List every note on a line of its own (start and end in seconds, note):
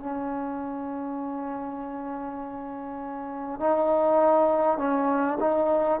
0.00 3.59 C#4
3.59 4.78 D#4
4.78 5.38 C#4
5.40 6.00 D#4